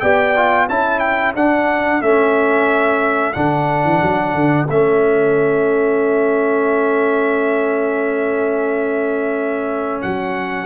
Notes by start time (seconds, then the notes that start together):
0.00 B3 G4 D5 G5
0.36 F4
0.68 C#4 E4 A4 A5
0.99 G5
1.35 D4 F#5
2.01 A3 C#4 E5
3.32 D3 D4 F#5
3.84 E3
4.02 F#3
4.34 D3
4.69 A3 C#4 E5
10.02 F#3 F#5